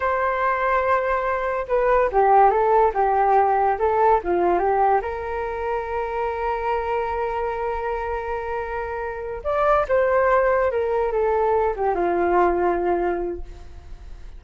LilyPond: \new Staff \with { instrumentName = "flute" } { \time 4/4 \tempo 4 = 143 c''1 | b'4 g'4 a'4 g'4~ | g'4 a'4 f'4 g'4 | ais'1~ |
ais'1~ | ais'2~ ais'8 d''4 c''8~ | c''4. ais'4 a'4. | g'8 f'2.~ f'8 | }